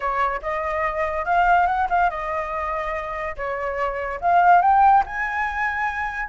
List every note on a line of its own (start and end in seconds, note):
0.00 0.40 C#5
0.42 1.25 D#5
1.25 1.66 F5
1.66 1.87 F#5
1.89 2.10 F5
2.10 3.36 D#5
3.36 4.20 C#5
4.21 4.61 F5
4.61 5.03 G5
5.06 6.29 G#5